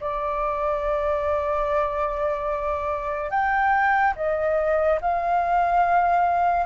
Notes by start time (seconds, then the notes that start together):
0.00 D5
3.30 G5
4.16 D#5
5.01 F5